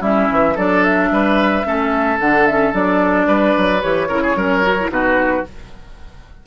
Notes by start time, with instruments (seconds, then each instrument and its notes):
0.00 bassoon G3, clarinet C#4, oboe E4, flute E5
0.31 bassoon E3
0.55 bassoon F#3, clarinet D4, oboe A4, flute D5
0.84 flute E5
1.11 bassoon G3, oboe B4
1.65 bassoon A3, clarinet C#4, oboe A4
2.20 bassoon D3, clarinet D4, flute F#5
2.47 clarinet C#4, flute E5
2.72 bassoon F#3, clarinet D4, flute D5
3.27 bassoon G3, oboe B4
3.57 bassoon F#3
3.82 bassoon E3, clarinet G4, flute C#5
4.08 bassoon C#3, clarinet E4, oboe A#4
4.23 oboe G#4
4.35 bassoon F#3, clarinet C#4, oboe A#4
4.63 clarinet F#4
4.80 clarinet E4
4.89 bassoon B2, clarinet D#4, oboe F#4, flute B4